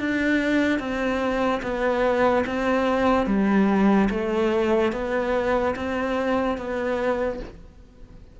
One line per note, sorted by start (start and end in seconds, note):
0.00 0.80 D4
0.80 1.62 C4
1.63 2.45 B3
2.47 3.27 C4
3.27 4.09 G3
4.11 4.93 A3
4.93 5.75 B3
5.76 6.58 C4
6.58 7.40 B3